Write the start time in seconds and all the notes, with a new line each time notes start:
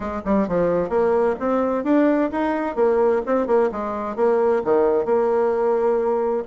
0.00 G#3
0.25 G3
0.47 F3
0.89 A#3
1.39 C4
1.84 D4
2.31 D#4
2.75 A#3
3.26 C4
3.46 A#3
3.71 G#3
4.16 A#3
4.64 D#3
5.05 A#3